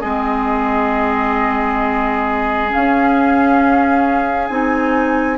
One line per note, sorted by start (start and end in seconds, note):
0.00 2.73 G#3
0.00 2.69 C4
0.00 5.37 G#4
0.00 2.69 D#5
2.69 4.48 C#4
2.69 4.47 F5
2.75 4.49 C#4
4.47 5.37 C4
4.47 5.37 D#4
4.47 5.36 G#5